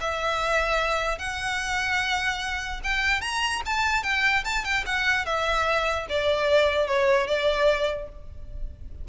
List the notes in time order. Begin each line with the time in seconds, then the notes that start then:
0.00 E5
1.18 F#5
2.83 G5
3.21 A#5
3.65 A5
4.03 G5
4.44 A5
4.64 G5
4.86 F#5
5.25 E5
6.09 D5
6.87 C#5
7.27 D5